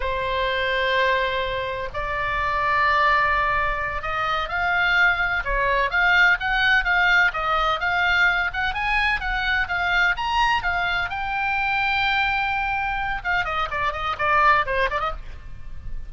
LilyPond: \new Staff \with { instrumentName = "oboe" } { \time 4/4 \tempo 4 = 127 c''1 | d''1~ | d''8 dis''4 f''2 cis''8~ | cis''8 f''4 fis''4 f''4 dis''8~ |
dis''8 f''4. fis''8 gis''4 fis''8~ | fis''8 f''4 ais''4 f''4 g''8~ | g''1 | f''8 dis''8 d''8 dis''8 d''4 c''8 d''16 dis''16 | }